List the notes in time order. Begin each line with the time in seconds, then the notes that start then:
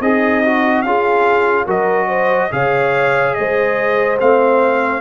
0.00 C4 D#4 G#4 D#5
0.44 F#4
0.81 C#4 F4 G#4 F5
1.65 F#3 F#4 A#4 D#5
2.07 C5
2.51 C#3 G#4 C#5 F5
3.34 G#3 C5 D#5
4.19 A3 C4 F5